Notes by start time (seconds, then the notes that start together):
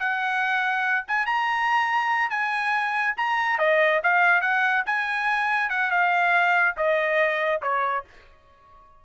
0.00 F#5
1.08 G#5
1.27 A#5
2.30 G#5
3.17 A#5
3.59 D#5
4.04 F5
4.42 F#5
4.86 G#5
5.70 F#5
5.91 F5
6.77 D#5
7.62 C#5